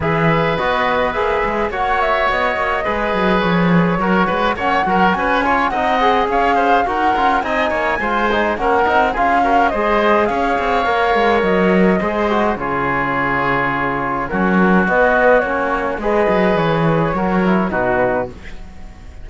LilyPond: <<
  \new Staff \with { instrumentName = "flute" } { \time 4/4 \tempo 4 = 105 e''4 dis''4 e''4 fis''8 e''8 | dis''2 cis''2 | fis''4 gis''4 fis''4 f''4 | fis''4 gis''2 fis''4 |
f''4 dis''4 f''2 | dis''2 cis''2~ | cis''4 ais'4 dis''4 cis''4 | dis''4 cis''2 b'4 | }
  \new Staff \with { instrumentName = "oboe" } { \time 4/4 b'2. cis''4~ | cis''4 b'2 ais'8 b'8 | cis''8 ais'8 b'8 cis''8 dis''4 cis''8 c''8 | ais'4 dis''8 cis''8 c''4 ais'4 |
gis'8 ais'8 c''4 cis''2~ | cis''4 c''4 gis'2~ | gis'4 fis'2. | b'2 ais'4 fis'4 | }
  \new Staff \with { instrumentName = "trombone" } { \time 4/4 gis'4 fis'4 gis'4 fis'4~ | fis'4 gis'2 fis'4 | cis'8 fis'4 f'8 dis'8 gis'4. | fis'8 f'8 dis'4 f'8 dis'8 cis'8 dis'8 |
f'8 fis'8 gis'2 ais'4~ | ais'4 gis'8 fis'8 f'2~ | f'4 cis'4 b4 cis'4 | gis'2 fis'8 e'8 dis'4 | }
  \new Staff \with { instrumentName = "cello" } { \time 4/4 e4 b4 ais8 gis8 ais4 | b8 ais8 gis8 fis8 f4 fis8 gis8 | ais8 fis8 cis'4 c'4 cis'4 | dis'8 cis'8 c'8 ais8 gis4 ais8 c'8 |
cis'4 gis4 cis'8 c'8 ais8 gis8 | fis4 gis4 cis2~ | cis4 fis4 b4 ais4 | gis8 fis8 e4 fis4 b,4 | }
>>